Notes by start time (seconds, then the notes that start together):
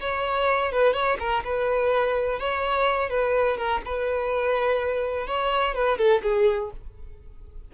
0.00 C#5
0.72 B4
0.93 C#5
1.19 A#4
1.44 B4
2.39 C#5
3.10 B4
3.57 A#4
3.85 B4
5.27 C#5
5.74 B4
5.97 A4
6.22 G#4